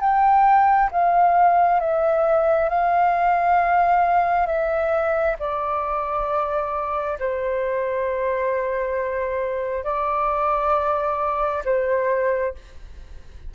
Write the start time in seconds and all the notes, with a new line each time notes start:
0.00 G5
0.91 F5
1.80 E5
2.69 F5
4.46 E5
5.39 D5
7.19 C5
9.84 D5
11.65 C5